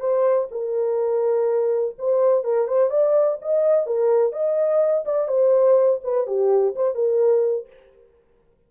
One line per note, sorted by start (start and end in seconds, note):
0.00 0.48 C5
0.51 1.95 A#4
1.98 2.44 C5
2.44 2.67 A#4
2.67 2.90 C5
2.90 3.38 D5
3.42 3.86 D#5
3.86 4.32 A#4
4.32 5.04 D#5
5.05 5.28 D5
5.28 6.00 C5
6.04 6.27 B4
6.27 6.75 G4
6.76 6.95 C5
6.95 7.67 A#4